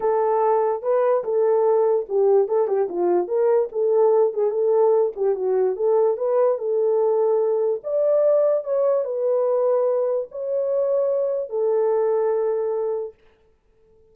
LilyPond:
\new Staff \with { instrumentName = "horn" } { \time 4/4 \tempo 4 = 146 a'2 b'4 a'4~ | a'4 g'4 a'8 g'8 f'4 | ais'4 a'4. gis'8 a'4~ | a'8 g'8 fis'4 a'4 b'4 |
a'2. d''4~ | d''4 cis''4 b'2~ | b'4 cis''2. | a'1 | }